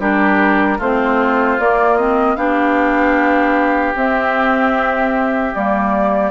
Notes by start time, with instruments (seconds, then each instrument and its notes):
0.00 bassoon G3, clarinet D4, oboe G4, flute A#4
0.78 bassoon A3, clarinet C4, oboe F4, flute C5
1.60 clarinet A#3, bassoon A#3, flute D5
1.97 clarinet C4, flute D#5
2.36 bassoon B3, clarinet D4, oboe G4, flute F5
3.96 bassoon C4, clarinet C4, flute E5
5.54 bassoon G3, clarinet A#3, flute D5